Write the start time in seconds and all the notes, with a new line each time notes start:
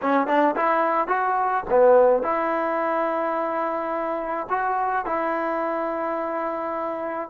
0.02 C#4
0.27 D4
0.56 E4
1.07 F#4
1.70 B3
2.23 E4
4.49 F#4
5.05 E4